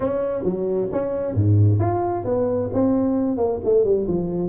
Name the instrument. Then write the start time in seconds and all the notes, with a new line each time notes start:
tuba
0.00 C#4
0.43 F#3
0.92 C#4
1.34 G#2
1.79 F4
2.24 B3
2.73 C4
3.37 A#3
3.64 A3
3.84 G3
4.07 F3